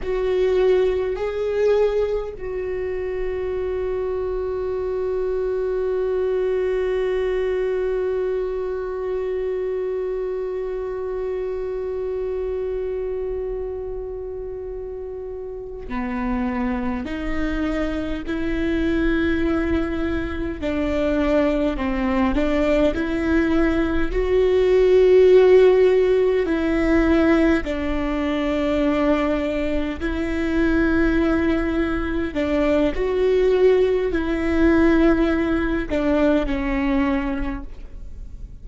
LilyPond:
\new Staff \with { instrumentName = "viola" } { \time 4/4 \tempo 4 = 51 fis'4 gis'4 fis'2~ | fis'1~ | fis'1~ | fis'4. b4 dis'4 e'8~ |
e'4. d'4 c'8 d'8 e'8~ | e'8 fis'2 e'4 d'8~ | d'4. e'2 d'8 | fis'4 e'4. d'8 cis'4 | }